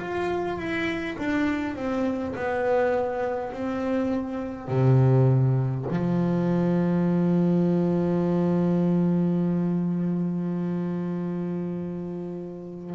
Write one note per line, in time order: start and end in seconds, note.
0.00 0.58 F4
0.58 1.17 E4
1.19 1.76 D4
1.76 2.35 C4
2.36 3.53 B3
3.53 4.68 C4
4.68 5.86 C3
5.91 12.95 F3